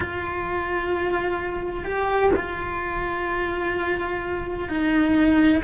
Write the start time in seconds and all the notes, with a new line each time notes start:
0.00 F4
1.84 G4
2.36 F4
4.68 D#4